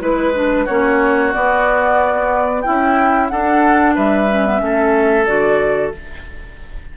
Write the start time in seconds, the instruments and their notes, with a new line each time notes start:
0.00 bassoon G#3, clarinet E4, oboe B4, flute B4
0.35 clarinet D4
0.65 bassoon A#3, clarinet C#4, oboe F#4, flute C#5
1.33 clarinet B3, bassoon B3, flute D5
2.62 clarinet E4, oboe E4, flute G5
2.69 bassoon C#4
3.29 bassoon D4, clarinet D4, oboe A4, flute F#5
3.95 bassoon G3, oboe B4, flute E5
4.31 clarinet C#4
4.47 clarinet B3
4.59 bassoon A3, clarinet C#4
4.65 oboe A4
5.26 bassoon D3, clarinet F#4, flute D5